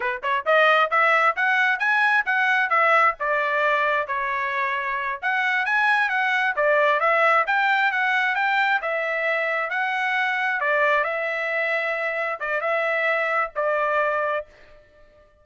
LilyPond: \new Staff \with { instrumentName = "trumpet" } { \time 4/4 \tempo 4 = 133 b'8 cis''8 dis''4 e''4 fis''4 | gis''4 fis''4 e''4 d''4~ | d''4 cis''2~ cis''8 fis''8~ | fis''8 gis''4 fis''4 d''4 e''8~ |
e''8 g''4 fis''4 g''4 e''8~ | e''4. fis''2 d''8~ | d''8 e''2. d''8 | e''2 d''2 | }